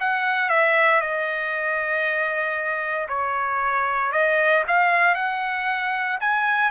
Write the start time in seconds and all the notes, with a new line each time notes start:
0.00 F#5
0.49 E5
1.00 D#5
3.08 C#5
4.11 D#5
4.67 F5
5.14 F#5
6.20 G#5